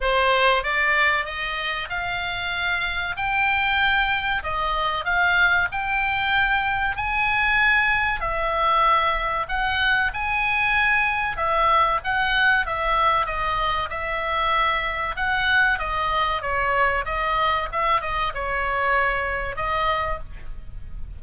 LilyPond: \new Staff \with { instrumentName = "oboe" } { \time 4/4 \tempo 4 = 95 c''4 d''4 dis''4 f''4~ | f''4 g''2 dis''4 | f''4 g''2 gis''4~ | gis''4 e''2 fis''4 |
gis''2 e''4 fis''4 | e''4 dis''4 e''2 | fis''4 dis''4 cis''4 dis''4 | e''8 dis''8 cis''2 dis''4 | }